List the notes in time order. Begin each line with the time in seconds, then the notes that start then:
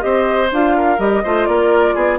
0.00 C4 G4 C5 D#5
0.52 D4 F4 F5
0.77 A#4
0.99 G3 G4 D#5
1.24 A3 F4 C5
1.46 A#3 A#4 D5
1.95 B3 G#4